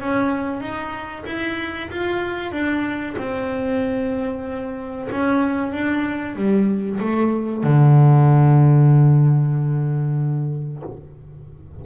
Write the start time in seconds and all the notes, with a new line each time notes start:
0.00 C#4
0.61 D#4
1.26 E4
1.90 F4
2.52 D4
3.18 C4
5.11 C#4
5.72 D4
6.35 G3
7.00 A3
7.63 D3